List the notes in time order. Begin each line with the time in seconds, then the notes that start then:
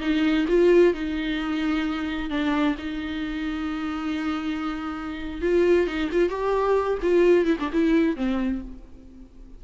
0.00 D#4
0.48 F4
0.94 D#4
2.30 D4
2.78 D#4
5.41 F4
5.87 D#4
6.12 F4
6.29 G4
7.02 F4
7.45 E4
7.59 D4
7.73 E4
8.16 C4